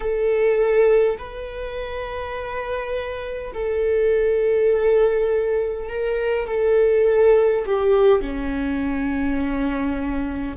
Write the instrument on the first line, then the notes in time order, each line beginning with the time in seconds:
viola
0.00 A4
1.18 B4
3.53 A4
5.88 A#4
6.47 A4
7.65 G4
8.21 C#4